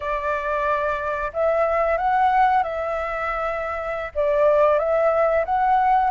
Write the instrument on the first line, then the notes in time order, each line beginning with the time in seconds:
flute
0.00 D5
1.33 E5
1.97 F#5
2.63 E5
4.14 D5
4.79 E5
5.45 F#5